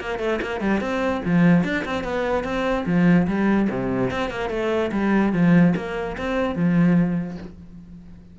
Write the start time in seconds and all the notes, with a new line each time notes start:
0.00 A#3
0.19 A3
0.41 A#3
0.61 G3
0.81 C4
1.25 F3
1.64 D4
1.85 C4
2.04 B3
2.44 C4
2.86 F3
3.27 G3
3.70 C3
4.11 C4
4.30 A#3
4.50 A3
4.92 G3
5.33 F3
5.76 A#3
6.17 C4
6.55 F3